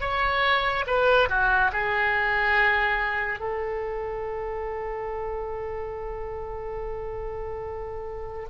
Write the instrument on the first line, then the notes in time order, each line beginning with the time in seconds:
oboe
0.00 C#5
0.86 B4
1.29 F#4
1.72 G#4
3.39 A4